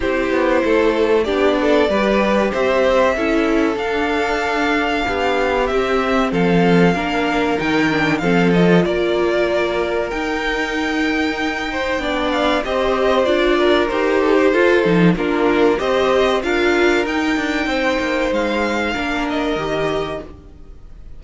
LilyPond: <<
  \new Staff \with { instrumentName = "violin" } { \time 4/4 \tempo 4 = 95 c''2 d''2 | e''2 f''2~ | f''4 e''4 f''2 | g''4 f''8 dis''8 d''2 |
g''2.~ g''8 f''8 | dis''4 d''4 c''2 | ais'4 dis''4 f''4 g''4~ | g''4 f''4. dis''4. | }
  \new Staff \with { instrumentName = "violin" } { \time 4/4 g'4 a'4 g'8 a'8 b'4 | c''4 a'2. | g'2 a'4 ais'4~ | ais'4 a'4 ais'2~ |
ais'2~ ais'8 c''8 d''4 | c''4. ais'4 a'16 g'16 a'4 | f'4 c''4 ais'2 | c''2 ais'2 | }
  \new Staff \with { instrumentName = "viola" } { \time 4/4 e'2 d'4 g'4~ | g'4 e'4 d'2~ | d'4 c'2 d'4 | dis'8 d'8 c'8 f'2~ f'8 |
dis'2. d'4 | g'4 f'4 g'4 f'8 dis'8 | d'4 g'4 f'4 dis'4~ | dis'2 d'4 g'4 | }
  \new Staff \with { instrumentName = "cello" } { \time 4/4 c'8 b8 a4 b4 g4 | c'4 cis'4 d'2 | b4 c'4 f4 ais4 | dis4 f4 ais2 |
dis'2. b4 | c'4 d'4 dis'4 f'8 f8 | ais4 c'4 d'4 dis'8 d'8 | c'8 ais8 gis4 ais4 dis4 | }
>>